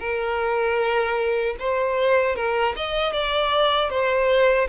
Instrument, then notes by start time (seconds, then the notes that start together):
violin
0.00 A#4
1.60 C5
2.36 A#4
2.76 D#5
3.12 D5
3.90 C5